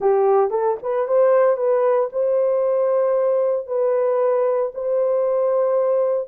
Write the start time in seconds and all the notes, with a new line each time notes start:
0.00 G4
0.50 A4
0.82 B4
1.07 C5
1.56 B4
2.12 C5
3.66 B4
4.74 C5